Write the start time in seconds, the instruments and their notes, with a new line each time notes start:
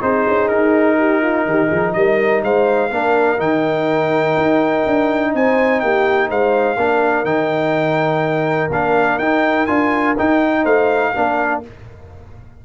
0.00 tuba C4, trombone D#4, horn G#4, trumpet C5
0.28 tuba C#4
0.48 tuba D#4, trumpet A#4
0.98 horn G4
1.22 horn F4
1.46 tuba D#3, horn G4
1.67 tuba F3, horn G#4
1.93 tuba G3, horn A#4, trumpet D#5
2.43 tuba G#3, horn C5, trumpet F5
2.89 tuba A#3, trombone D4, horn A#4
3.38 tuba D#3, trombone D#4, trumpet G5
4.37 tuba D#4
4.86 tuba D4
5.34 tuba C4, horn C5, trumpet G#5
5.80 tuba A#3, horn G4, trumpet G5
6.29 tuba G#3, horn C5, trumpet F5
6.77 tuba A#3, trombone D4, horn A#4
7.24 tuba D#3, trombone D#4, trumpet G5
8.70 tuba A#3, trombone D4, trumpet F5
9.18 tuba D#4, trombone D#4, trumpet G5
9.66 tuba D4, trombone F4, trumpet G#5
10.18 trombone D#4, tuba D#4, trumpet G5
10.62 tuba A3, horn C5, trumpet F5
11.14 tuba A#3, trombone D4, horn A#4